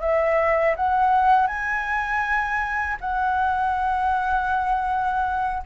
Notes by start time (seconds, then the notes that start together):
0.00 E5
0.76 F#5
1.46 G#5
3.00 F#5